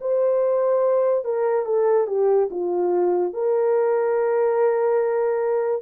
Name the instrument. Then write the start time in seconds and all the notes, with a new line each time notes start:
horn
0.00 C5
1.24 A#4
1.65 A4
2.07 G4
2.50 F4
3.33 A#4